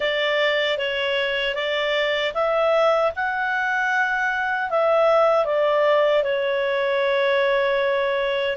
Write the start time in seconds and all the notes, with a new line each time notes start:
0.00 D5
0.78 C#5
1.54 D5
2.34 E5
3.15 F#5
4.70 E5
5.45 D5
6.23 C#5